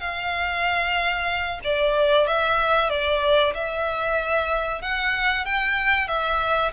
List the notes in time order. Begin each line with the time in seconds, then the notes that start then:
0.00 F5
1.64 D5
2.27 E5
2.90 D5
3.54 E5
4.82 F#5
5.45 G5
6.08 E5